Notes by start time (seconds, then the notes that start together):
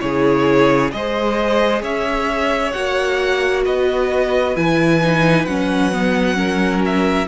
0.00 C#3 E4 G#4 C#5
0.91 G#3 G#4 C5 D#5
1.82 C#4 C#5 E5
2.72 A#3 F#4 F#5
3.65 B3 B4 D#5
4.56 E3 E4 G#5
5.03 D#4
5.46 F#3 C#4 F#5
5.92 B3
6.35 C#4 A#4
6.85 E5